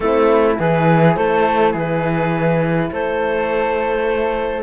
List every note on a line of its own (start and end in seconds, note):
0.00 0.58 A3
0.00 0.58 C4
0.00 0.59 E4
0.00 0.55 A4
0.58 1.16 E3
0.58 4.63 E4
0.58 1.16 G#4
0.58 1.15 B4
1.15 1.74 A3
1.15 1.71 A4
1.15 1.73 C5
1.71 2.90 E3
1.71 2.88 G#4
1.71 2.92 B4
2.91 4.63 A3
2.91 4.63 A4
2.91 4.63 C5